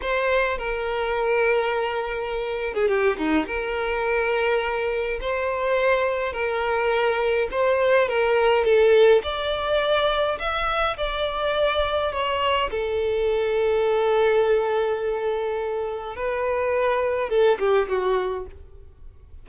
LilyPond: \new Staff \with { instrumentName = "violin" } { \time 4/4 \tempo 4 = 104 c''4 ais'2.~ | ais'8. gis'16 g'8 dis'8 ais'2~ | ais'4 c''2 ais'4~ | ais'4 c''4 ais'4 a'4 |
d''2 e''4 d''4~ | d''4 cis''4 a'2~ | a'1 | b'2 a'8 g'8 fis'4 | }